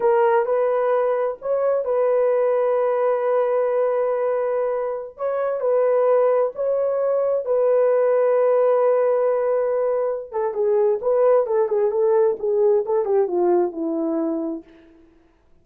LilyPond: \new Staff \with { instrumentName = "horn" } { \time 4/4 \tempo 4 = 131 ais'4 b'2 cis''4 | b'1~ | b'2.~ b'16 cis''8.~ | cis''16 b'2 cis''4.~ cis''16~ |
cis''16 b'2.~ b'8.~ | b'2~ b'8 a'8 gis'4 | b'4 a'8 gis'8 a'4 gis'4 | a'8 g'8 f'4 e'2 | }